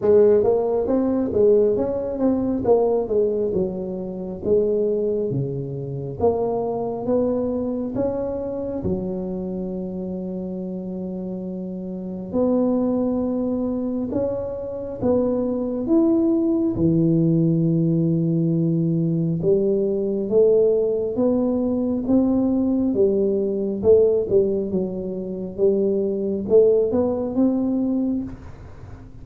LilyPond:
\new Staff \with { instrumentName = "tuba" } { \time 4/4 \tempo 4 = 68 gis8 ais8 c'8 gis8 cis'8 c'8 ais8 gis8 | fis4 gis4 cis4 ais4 | b4 cis'4 fis2~ | fis2 b2 |
cis'4 b4 e'4 e4~ | e2 g4 a4 | b4 c'4 g4 a8 g8 | fis4 g4 a8 b8 c'4 | }